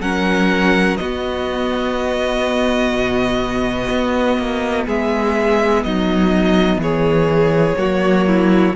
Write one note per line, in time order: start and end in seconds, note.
0.00 0.97 F#3
0.00 0.98 C#4
0.00 0.99 A#4
0.00 0.97 F#5
0.97 7.76 B3
0.97 2.92 B3
0.97 4.85 F#4
0.97 4.84 D#5
2.92 3.89 B2
3.90 4.37 B3
4.37 4.86 A#3
4.85 5.84 G#3
4.85 5.82 G#4
4.85 5.83 E5
5.83 6.77 F#3
5.83 6.82 D#4
5.83 6.80 D#5
6.77 7.73 E3
6.77 7.78 G#4
6.77 8.75 C#5
7.76 8.75 F#3
7.76 8.73 A#3
7.76 8.26 F#4
8.27 8.75 E4